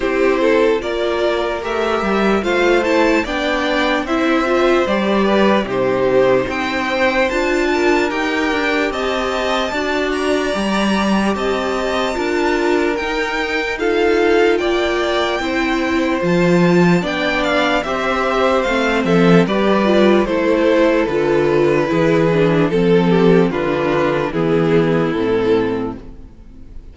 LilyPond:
<<
  \new Staff \with { instrumentName = "violin" } { \time 4/4 \tempo 4 = 74 c''4 d''4 e''4 f''8 a''8 | g''4 e''4 d''4 c''4 | g''4 a''4 g''4 a''4~ | a''8 ais''4. a''2 |
g''4 f''4 g''2 | a''4 g''8 f''8 e''4 f''8 e''8 | d''4 c''4 b'2 | a'4 b'4 gis'4 a'4 | }
  \new Staff \with { instrumentName = "violin" } { \time 4/4 g'8 a'8 ais'2 c''4 | d''4 c''4. b'8 g'4 | c''4. ais'4. dis''4 | d''2 dis''4 ais'4~ |
ais'4 a'4 d''4 c''4~ | c''4 d''4 c''4. a'8 | b'4 a'2 gis'4 | a'8 g'8 f'4 e'2 | }
  \new Staff \with { instrumentName = "viola" } { \time 4/4 e'4 f'4 g'4 f'8 e'8 | d'4 e'8 f'8 g'4 dis'4~ | dis'4 f'4 g'2 | fis'4 g'2 f'4 |
dis'4 f'2 e'4 | f'4 d'4 g'4 c'4 | g'8 f'8 e'4 f'4 e'8 d'8 | c'4 d'4 b4 c'4 | }
  \new Staff \with { instrumentName = "cello" } { \time 4/4 c'4 ais4 a8 g8 a4 | b4 c'4 g4 c4 | c'4 d'4 dis'8 d'8 c'4 | d'4 g4 c'4 d'4 |
dis'2 ais4 c'4 | f4 b4 c'4 a8 f8 | g4 a4 d4 e4 | f4 d4 e4 a,4 | }
>>